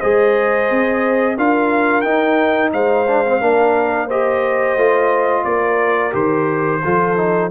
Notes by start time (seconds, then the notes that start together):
0.00 G#3 G#4 C5 D#5
0.71 C4
1.37 D4 F4 A#4 F5
2.01 D#4 G5
2.73 G#3 C5 F5
3.08 D4
3.26 C4
3.41 A#3 D4 A#4
4.08 G4 C5 D#5
4.76 A3 F4
5.45 A#3 A#4 D5
6.12 D#3 G4 C5
6.85 F3 F4 A4
7.17 D#4